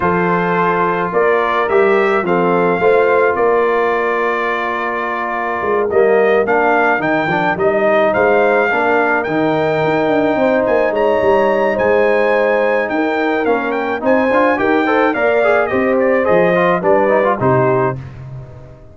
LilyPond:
<<
  \new Staff \with { instrumentName = "trumpet" } { \time 4/4 \tempo 4 = 107 c''2 d''4 e''4 | f''2 d''2~ | d''2~ d''8 dis''4 f''8~ | f''8 g''4 dis''4 f''4.~ |
f''8 g''2~ g''8 gis''8 ais''8~ | ais''4 gis''2 g''4 | f''8 g''8 gis''4 g''4 f''4 | dis''8 d''8 dis''4 d''4 c''4 | }
  \new Staff \with { instrumentName = "horn" } { \time 4/4 a'2 ais'2 | a'4 c''4 ais'2~ | ais'1~ | ais'2~ ais'8 c''4 ais'8~ |
ais'2~ ais'8 c''4 cis''8~ | cis''4 c''2 ais'4~ | ais'4 c''4 ais'8 c''8 d''4 | c''2 b'4 g'4 | }
  \new Staff \with { instrumentName = "trombone" } { \time 4/4 f'2. g'4 | c'4 f'2.~ | f'2~ f'8 ais4 d'8~ | d'8 dis'8 d'8 dis'2 d'8~ |
d'8 dis'2.~ dis'8~ | dis'1 | cis'4 dis'8 f'8 g'8 a'8 ais'8 gis'8 | g'4 gis'8 f'8 d'8 dis'16 f'16 dis'4 | }
  \new Staff \with { instrumentName = "tuba" } { \time 4/4 f2 ais4 g4 | f4 a4 ais2~ | ais2 gis8 g4 ais8~ | ais8 dis8 f8 g4 gis4 ais8~ |
ais8 dis4 dis'8 d'8 c'8 ais8 gis8 | g4 gis2 dis'4 | ais4 c'8 d'8 dis'4 ais4 | c'4 f4 g4 c4 | }
>>